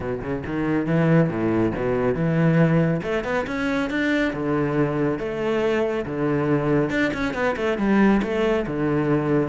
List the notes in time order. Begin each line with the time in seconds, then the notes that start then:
0.00 B2
0.22 C#3
0.46 D#3
0.86 E3
1.29 A2
1.75 B2
2.14 E3
3.02 A3
3.24 B3
3.46 C#4
3.89 D4
4.33 D3
5.19 A3
6.05 D3
6.89 D4
7.13 C#4
7.34 B3
7.56 A3
7.78 G3
8.22 A3
8.66 D3